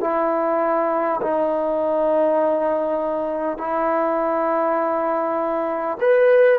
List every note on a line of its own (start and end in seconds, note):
0.00 1.20 E4
1.21 3.57 D#4
3.57 5.97 E4
6.00 6.58 B4